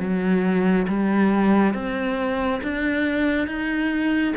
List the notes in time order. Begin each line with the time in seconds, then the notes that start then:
0.00 F#3
0.89 G3
1.74 C4
2.63 D4
3.47 D#4